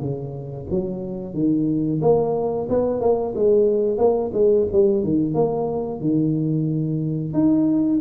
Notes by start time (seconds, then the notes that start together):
0.00 C#3
0.70 F#3
1.34 D#3
2.02 A#3
2.70 B3
3.01 A#3
3.35 G#3
3.98 A#3
4.33 G#3
4.72 G3
5.03 D#3
5.35 A#3
6.01 D#3
7.33 D#4